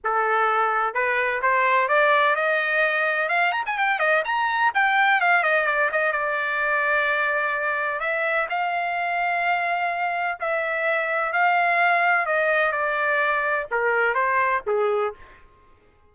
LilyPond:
\new Staff \with { instrumentName = "trumpet" } { \time 4/4 \tempo 4 = 127 a'2 b'4 c''4 | d''4 dis''2 f''8 ais''16 gis''16 | g''8 dis''8 ais''4 g''4 f''8 dis''8 | d''8 dis''8 d''2.~ |
d''4 e''4 f''2~ | f''2 e''2 | f''2 dis''4 d''4~ | d''4 ais'4 c''4 gis'4 | }